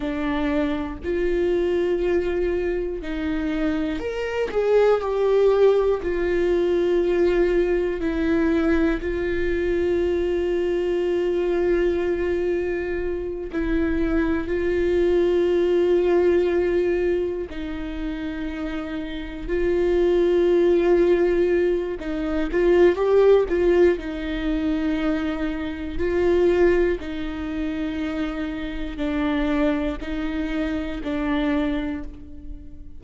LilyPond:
\new Staff \with { instrumentName = "viola" } { \time 4/4 \tempo 4 = 60 d'4 f'2 dis'4 | ais'8 gis'8 g'4 f'2 | e'4 f'2.~ | f'4. e'4 f'4.~ |
f'4. dis'2 f'8~ | f'2 dis'8 f'8 g'8 f'8 | dis'2 f'4 dis'4~ | dis'4 d'4 dis'4 d'4 | }